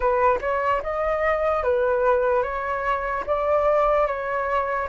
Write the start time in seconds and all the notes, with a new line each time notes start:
0.00 B4
0.41 C#5
0.82 D#5
1.63 B4
2.43 C#5
3.26 D5
4.07 C#5